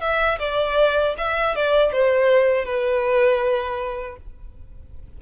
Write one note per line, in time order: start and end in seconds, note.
0.00 0.38 E5
0.39 1.15 D5
1.18 1.55 E5
1.55 1.92 D5
1.92 2.64 C5
2.64 4.16 B4